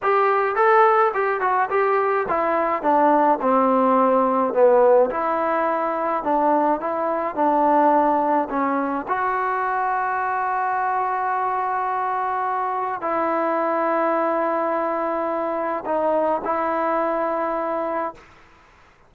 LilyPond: \new Staff \with { instrumentName = "trombone" } { \time 4/4 \tempo 4 = 106 g'4 a'4 g'8 fis'8 g'4 | e'4 d'4 c'2 | b4 e'2 d'4 | e'4 d'2 cis'4 |
fis'1~ | fis'2. e'4~ | e'1 | dis'4 e'2. | }